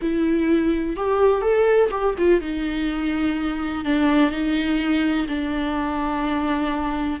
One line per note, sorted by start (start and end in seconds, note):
0.01 0.96 E4
0.96 1.41 G4
1.41 1.89 A4
1.90 2.14 G4
2.18 2.40 F4
2.40 3.84 D#4
3.84 4.30 D4
4.30 5.26 D#4
5.28 7.20 D4